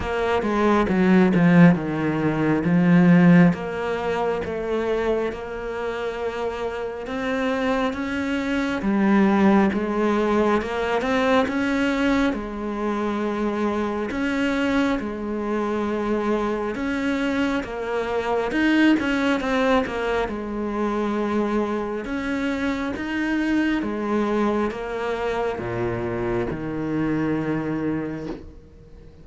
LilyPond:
\new Staff \with { instrumentName = "cello" } { \time 4/4 \tempo 4 = 68 ais8 gis8 fis8 f8 dis4 f4 | ais4 a4 ais2 | c'4 cis'4 g4 gis4 | ais8 c'8 cis'4 gis2 |
cis'4 gis2 cis'4 | ais4 dis'8 cis'8 c'8 ais8 gis4~ | gis4 cis'4 dis'4 gis4 | ais4 ais,4 dis2 | }